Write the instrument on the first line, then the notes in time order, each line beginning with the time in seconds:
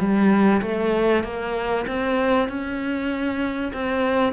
cello
0.00 G3
0.62 A3
1.24 A#3
1.88 C4
2.49 C#4
3.74 C4